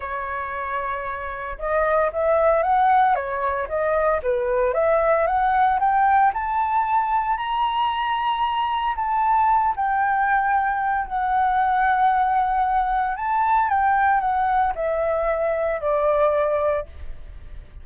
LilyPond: \new Staff \with { instrumentName = "flute" } { \time 4/4 \tempo 4 = 114 cis''2. dis''4 | e''4 fis''4 cis''4 dis''4 | b'4 e''4 fis''4 g''4 | a''2 ais''2~ |
ais''4 a''4. g''4.~ | g''4 fis''2.~ | fis''4 a''4 g''4 fis''4 | e''2 d''2 | }